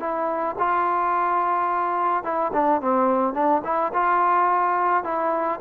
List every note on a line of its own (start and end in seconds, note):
0.00 0.56 E4
0.59 2.24 F4
2.24 2.52 E4
2.53 2.81 D4
2.81 3.34 C4
3.34 3.62 D4
3.64 3.92 E4
3.93 5.04 F4
5.04 5.60 E4